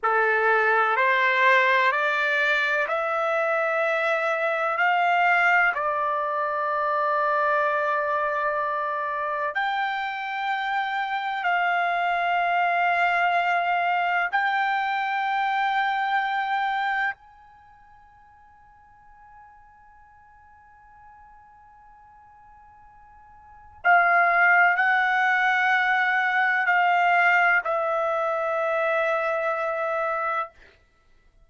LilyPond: \new Staff \with { instrumentName = "trumpet" } { \time 4/4 \tempo 4 = 63 a'4 c''4 d''4 e''4~ | e''4 f''4 d''2~ | d''2 g''2 | f''2. g''4~ |
g''2 gis''2~ | gis''1~ | gis''4 f''4 fis''2 | f''4 e''2. | }